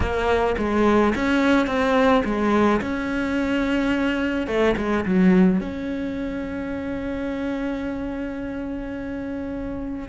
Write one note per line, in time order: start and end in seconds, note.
0.00 0.55 A#3
0.58 1.14 G#3
1.15 1.66 C#4
1.66 2.22 C4
2.24 2.80 G#3
2.81 4.47 C#4
4.47 4.75 A3
4.76 5.04 G#3
5.05 5.60 F#3
5.60 10.08 C#4